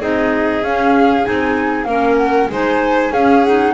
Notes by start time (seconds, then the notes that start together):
0.00 C4 D#4 G#4 D#5
0.63 C#4 F5
1.24 C4 D#4 G#5
1.84 A#3 C#4 A#4 F5
2.17 F#5
2.49 G#3 D#4 C5 G#5
3.11 C#4 G#4 F5
3.44 D#4 F#5